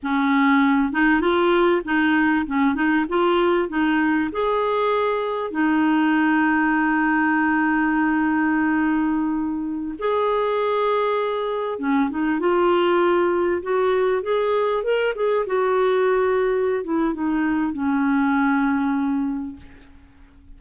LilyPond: \new Staff \with { instrumentName = "clarinet" } { \time 4/4 \tempo 4 = 98 cis'4. dis'8 f'4 dis'4 | cis'8 dis'8 f'4 dis'4 gis'4~ | gis'4 dis'2.~ | dis'1~ |
dis'16 gis'2. cis'8 dis'16~ | dis'16 f'2 fis'4 gis'8.~ | gis'16 ais'8 gis'8 fis'2~ fis'16 e'8 | dis'4 cis'2. | }